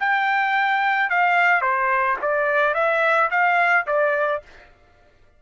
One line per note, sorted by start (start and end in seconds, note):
0.00 1.10 G5
1.10 1.62 F5
1.62 2.17 C5
2.22 2.74 D5
2.74 3.30 E5
3.31 3.86 F5
3.87 4.42 D5